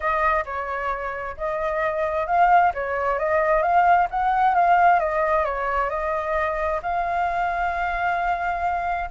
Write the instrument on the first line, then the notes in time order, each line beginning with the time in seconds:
flute
0.00 D#5
0.45 C#5
1.37 D#5
2.26 F5
2.74 C#5
3.18 D#5
3.62 F5
4.10 F#5
4.55 F5
4.99 D#5
5.44 C#5
5.89 D#5
6.82 F5